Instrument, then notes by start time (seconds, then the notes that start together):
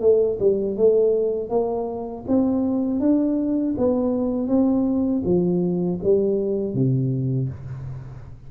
tuba
0.00 A3
0.39 G3
0.77 A3
1.49 A#3
2.27 C4
3.00 D4
3.77 B3
4.47 C4
5.24 F3
6.03 G3
6.73 C3